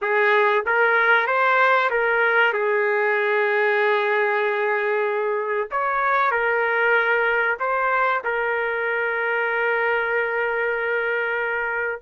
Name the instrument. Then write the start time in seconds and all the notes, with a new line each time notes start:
trumpet
0.01 G#4
0.66 A#4
1.26 C5
1.90 A#4
2.53 G#4
5.71 C#5
6.31 A#4
7.59 C5
8.24 A#4